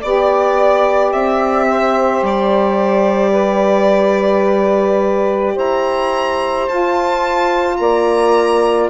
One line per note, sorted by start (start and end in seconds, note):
0.00 1.14 B3
0.00 6.70 G4
0.00 1.67 D5
0.00 1.13 D5
1.13 2.22 C4
1.13 2.24 E5
1.70 3.32 C5
2.22 5.56 G3
2.22 5.59 D5
3.32 5.54 B4
5.55 6.69 E4
5.55 7.77 C5
5.55 6.69 A#5
6.69 7.80 F4
6.69 8.90 F4
6.69 7.77 A5
7.77 8.90 A#3
7.77 8.90 D5
7.77 8.88 A#5